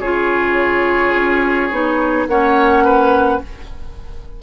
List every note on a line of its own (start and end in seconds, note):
0.00 1.13 C#3
0.00 1.72 F4
0.00 2.27 G#4
0.00 2.27 C#5
1.15 1.71 C#4
1.71 2.27 B3
1.71 2.28 D#4
2.27 3.41 A#3
2.27 3.42 C#4
2.27 2.84 C#5
2.27 3.41 F#5
2.84 3.41 B4